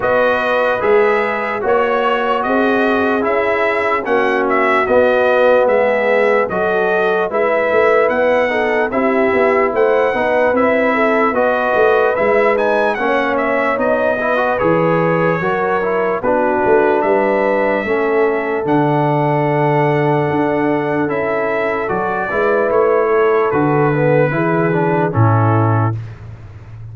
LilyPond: <<
  \new Staff \with { instrumentName = "trumpet" } { \time 4/4 \tempo 4 = 74 dis''4 e''4 cis''4 dis''4 | e''4 fis''8 e''8 dis''4 e''4 | dis''4 e''4 fis''4 e''4 | fis''4 e''4 dis''4 e''8 gis''8 |
fis''8 e''8 dis''4 cis''2 | b'4 e''2 fis''4~ | fis''2 e''4 d''4 | cis''4 b'2 a'4 | }
  \new Staff \with { instrumentName = "horn" } { \time 4/4 b'2 cis''4 gis'4~ | gis'4 fis'2 gis'4 | a'4 b'4. a'8 g'4 | c''8 b'4 a'8 b'2 |
cis''4. b'4. ais'4 | fis'4 b'4 a'2~ | a'2.~ a'8 b'8~ | b'8 a'4. gis'4 e'4 | }
  \new Staff \with { instrumentName = "trombone" } { \time 4/4 fis'4 gis'4 fis'2 | e'4 cis'4 b2 | fis'4 e'4. dis'8 e'4~ | e'8 dis'8 e'4 fis'4 e'8 dis'8 |
cis'4 dis'8 e'16 fis'16 gis'4 fis'8 e'8 | d'2 cis'4 d'4~ | d'2 e'4 fis'8 e'8~ | e'4 fis'8 b8 e'8 d'8 cis'4 | }
  \new Staff \with { instrumentName = "tuba" } { \time 4/4 b4 gis4 ais4 c'4 | cis'4 ais4 b4 gis4 | fis4 gis8 a8 b4 c'8 b8 | a8 b8 c'4 b8 a8 gis4 |
ais4 b4 e4 fis4 | b8 a8 g4 a4 d4~ | d4 d'4 cis'4 fis8 gis8 | a4 d4 e4 a,4 | }
>>